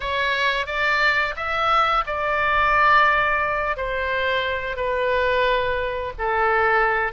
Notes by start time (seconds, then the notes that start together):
0.00 C#5
0.66 D5
1.36 E5
2.06 D5
3.76 C5
4.76 B4
6.18 A4